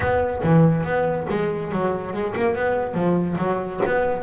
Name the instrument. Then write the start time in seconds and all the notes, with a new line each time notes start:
double bass
0.00 B3
0.43 E3
0.84 B3
1.29 G#3
1.72 F#3
2.13 G#3
2.36 A#3
2.54 B3
2.94 F3
3.38 F#3
3.86 B3